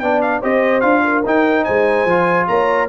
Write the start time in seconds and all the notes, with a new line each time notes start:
0.00 B3 D4 D5 G5
0.21 F5
0.41 C4 G4 C5 D#5
0.81 D4 F4 F5
1.04 A#4
1.25 D#4 G5
1.64 G#3 C5 G#5
2.05 F3 F4
2.47 A#3 C#5 A#5